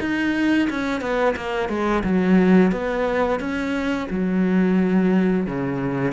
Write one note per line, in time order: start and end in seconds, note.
0.00 0.68 D#4
0.69 1.00 C#4
1.00 1.35 B3
1.36 1.69 A#3
1.69 2.03 G#3
2.04 2.71 F#3
2.71 3.39 B3
3.39 4.08 C#4
4.10 5.46 F#3
5.46 6.12 C#3